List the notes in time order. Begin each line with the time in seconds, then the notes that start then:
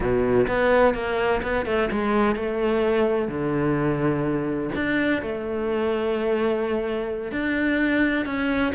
0.00 B2
0.47 B3
0.94 A#3
1.42 B3
1.65 A3
1.91 G#3
2.35 A3
3.28 D3
4.75 D4
5.22 A3
7.31 D4
8.25 C#4